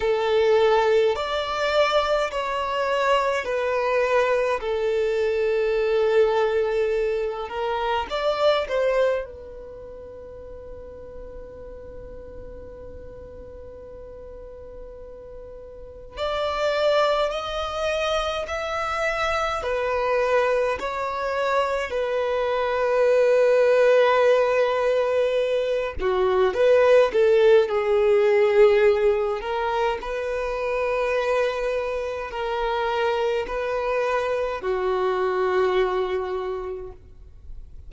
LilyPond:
\new Staff \with { instrumentName = "violin" } { \time 4/4 \tempo 4 = 52 a'4 d''4 cis''4 b'4 | a'2~ a'8 ais'8 d''8 c''8 | b'1~ | b'2 d''4 dis''4 |
e''4 b'4 cis''4 b'4~ | b'2~ b'8 fis'8 b'8 a'8 | gis'4. ais'8 b'2 | ais'4 b'4 fis'2 | }